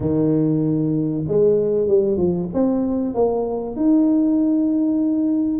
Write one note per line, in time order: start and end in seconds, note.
0.00 1.24 D#3
1.27 1.87 G#3
1.87 2.17 G3
2.17 2.48 F3
2.53 3.14 C4
3.14 3.76 A#3
3.76 5.60 D#4